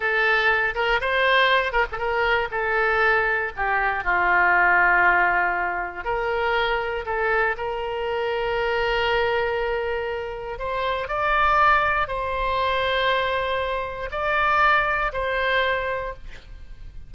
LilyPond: \new Staff \with { instrumentName = "oboe" } { \time 4/4 \tempo 4 = 119 a'4. ais'8 c''4. ais'16 a'16 | ais'4 a'2 g'4 | f'1 | ais'2 a'4 ais'4~ |
ais'1~ | ais'4 c''4 d''2 | c''1 | d''2 c''2 | }